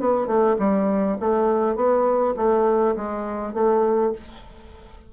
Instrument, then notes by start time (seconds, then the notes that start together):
bassoon
0.00 B3
0.26 A3
0.59 G3
1.20 A3
1.76 B3
2.36 A3
2.96 G#3
3.53 A3